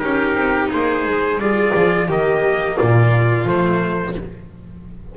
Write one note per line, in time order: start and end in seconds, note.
0.00 0.35 C#4
0.00 1.40 D#4
0.00 0.70 G4
0.00 0.69 A#4
0.35 0.70 C4
0.71 1.06 A#3
0.71 1.40 G#4
0.71 1.41 C5
1.06 1.38 G#3
1.38 1.72 G3
1.38 2.09 F4
1.38 2.08 G#4
1.38 2.10 D5
1.75 2.09 F3
2.08 2.78 D#3
2.08 3.46 A#3
2.08 2.77 G4
2.08 2.78 D#5
2.77 3.46 A#2
2.77 4.15 F4
2.77 3.47 D5
3.46 4.15 F3
3.46 4.15 A3
3.46 4.17 C5